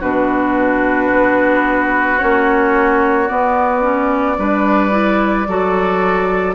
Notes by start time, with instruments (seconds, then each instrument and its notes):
0.00 bassoon B2, clarinet D4, oboe F#4, flute B4
1.12 bassoon B3
2.19 bassoon A#3, clarinet C#4, flute C#5
3.27 clarinet B3, bassoon B3, flute D5
3.82 clarinet C#4
4.38 bassoon G3, clarinet D4, oboe B4
4.91 clarinet E4
5.47 bassoon F#3, clarinet F#4, oboe A4